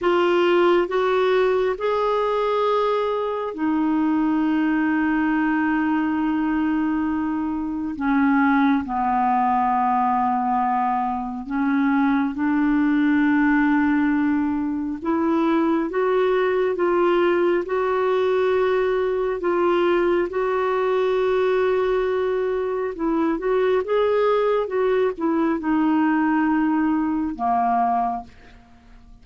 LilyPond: \new Staff \with { instrumentName = "clarinet" } { \time 4/4 \tempo 4 = 68 f'4 fis'4 gis'2 | dis'1~ | dis'4 cis'4 b2~ | b4 cis'4 d'2~ |
d'4 e'4 fis'4 f'4 | fis'2 f'4 fis'4~ | fis'2 e'8 fis'8 gis'4 | fis'8 e'8 dis'2 ais4 | }